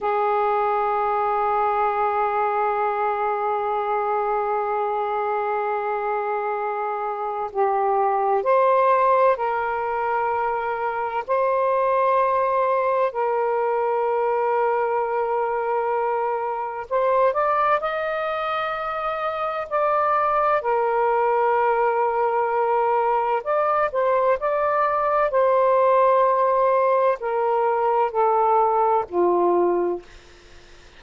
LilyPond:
\new Staff \with { instrumentName = "saxophone" } { \time 4/4 \tempo 4 = 64 gis'1~ | gis'1 | g'4 c''4 ais'2 | c''2 ais'2~ |
ais'2 c''8 d''8 dis''4~ | dis''4 d''4 ais'2~ | ais'4 d''8 c''8 d''4 c''4~ | c''4 ais'4 a'4 f'4 | }